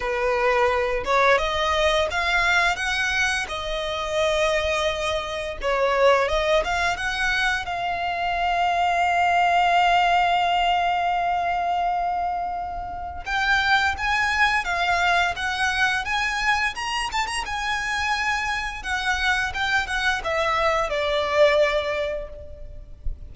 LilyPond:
\new Staff \with { instrumentName = "violin" } { \time 4/4 \tempo 4 = 86 b'4. cis''8 dis''4 f''4 | fis''4 dis''2. | cis''4 dis''8 f''8 fis''4 f''4~ | f''1~ |
f''2. g''4 | gis''4 f''4 fis''4 gis''4 | ais''8 a''16 ais''16 gis''2 fis''4 | g''8 fis''8 e''4 d''2 | }